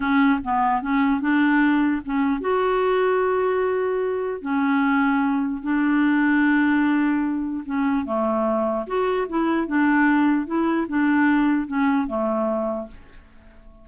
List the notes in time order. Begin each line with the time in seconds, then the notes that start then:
0.00 C#4
0.44 B3
0.82 C#4
1.20 D4
2.05 C#4
2.40 F#4
4.41 C#4
5.62 D4
7.65 C#4
8.05 A3
8.87 F#4
9.28 E4
9.67 D4
10.46 E4
10.88 D4
11.67 C#4
12.07 A3